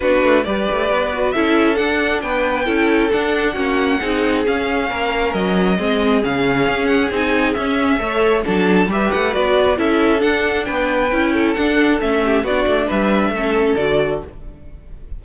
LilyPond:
<<
  \new Staff \with { instrumentName = "violin" } { \time 4/4 \tempo 4 = 135 b'4 d''2 e''4 | fis''4 g''2 fis''4~ | fis''2 f''2 | dis''2 f''4. fis''8 |
gis''4 e''2 a''4 | e''8 fis''8 d''4 e''4 fis''4 | g''2 fis''4 e''4 | d''4 e''2 d''4 | }
  \new Staff \with { instrumentName = "violin" } { \time 4/4 fis'4 b'2 a'4~ | a'4 b'4 a'2 | fis'4 gis'2 ais'4~ | ais'4 gis'2.~ |
gis'2 cis''4 a'4 | b'2 a'2 | b'4. a'2 g'8 | fis'4 b'4 a'2 | }
  \new Staff \with { instrumentName = "viola" } { \time 4/4 d'4 g'4. fis'8 e'4 | d'2 e'4 d'4 | cis'4 dis'4 cis'2~ | cis'4 c'4 cis'2 |
dis'4 cis'4 a'4 d'4 | g'4 fis'4 e'4 d'4~ | d'4 e'4 d'4 cis'4 | d'2 cis'4 fis'4 | }
  \new Staff \with { instrumentName = "cello" } { \time 4/4 b8 a8 g8 a8 b4 cis'4 | d'4 b4 cis'4 d'4 | ais4 c'4 cis'4 ais4 | fis4 gis4 cis4 cis'4 |
c'4 cis'4 a4 fis4 | g8 a8 b4 cis'4 d'4 | b4 cis'4 d'4 a4 | b8 a8 g4 a4 d4 | }
>>